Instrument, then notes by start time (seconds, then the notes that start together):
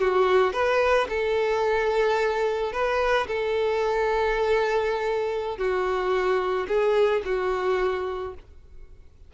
violin
0.00 F#4
0.53 B4
1.09 A4
2.72 B4
3.27 A4
5.58 F#4
6.68 G#4
7.25 F#4